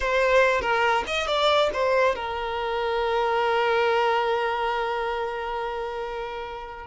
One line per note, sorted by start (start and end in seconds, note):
0.00 0.61 C5
0.61 1.03 A#4
1.06 1.27 D#5
1.27 1.70 D5
1.73 2.15 C5
2.15 6.86 A#4